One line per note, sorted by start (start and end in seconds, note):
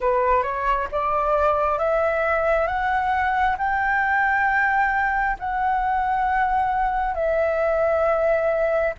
0.00 0.42 B4
0.42 0.87 C#5
0.91 1.78 D5
1.78 2.67 E5
2.67 3.56 F#5
3.57 5.36 G5
5.39 7.14 F#5
7.14 8.93 E5